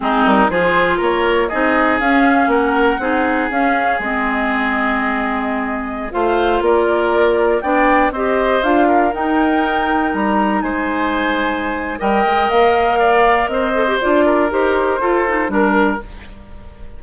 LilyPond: <<
  \new Staff \with { instrumentName = "flute" } { \time 4/4 \tempo 4 = 120 gis'8 ais'8 c''4 cis''4 dis''4 | f''4 fis''2 f''4 | dis''1~ | dis''16 f''4 d''2 g''8.~ |
g''16 dis''4 f''4 g''4.~ g''16~ | g''16 ais''4 gis''2~ gis''8. | g''4 f''2 dis''4 | d''4 c''2 ais'4 | }
  \new Staff \with { instrumentName = "oboe" } { \time 4/4 dis'4 gis'4 ais'4 gis'4~ | gis'4 ais'4 gis'2~ | gis'1~ | gis'16 c''4 ais'2 d''8.~ |
d''16 c''4. ais'2~ ais'16~ | ais'4~ ais'16 c''2~ c''8. | dis''2 d''4 c''4~ | c''8 ais'4. a'4 ais'4 | }
  \new Staff \with { instrumentName = "clarinet" } { \time 4/4 c'4 f'2 dis'4 | cis'2 dis'4 cis'4 | c'1~ | c'16 f'2. d'8.~ |
d'16 g'4 f'4 dis'4.~ dis'16~ | dis'1 | ais'2.~ ais'8 a'16 g'16 | f'4 g'4 f'8 dis'8 d'4 | }
  \new Staff \with { instrumentName = "bassoon" } { \time 4/4 gis8 g8 f4 ais4 c'4 | cis'4 ais4 c'4 cis'4 | gis1~ | gis16 a4 ais2 b8.~ |
b16 c'4 d'4 dis'4.~ dis'16~ | dis'16 g4 gis2~ gis8. | g8 gis8 ais2 c'4 | d'4 dis'4 f'4 g4 | }
>>